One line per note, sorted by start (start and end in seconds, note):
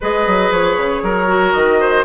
0.00 0.26 G#3
0.00 1.27 G#4
0.00 1.03 B4
0.00 0.52 D#5
0.26 0.51 F#3
0.51 0.76 F3
0.51 1.52 C#5
0.77 1.02 C#3
1.02 1.53 F#3
1.02 1.79 A#4
1.27 2.04 F#4
1.52 2.04 D#3
1.52 2.03 D#5
1.79 2.04 C5